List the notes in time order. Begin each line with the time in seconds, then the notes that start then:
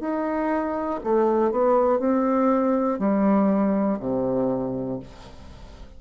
0.00 D#4
1.03 A3
1.50 B3
1.99 C4
2.98 G3
3.99 C3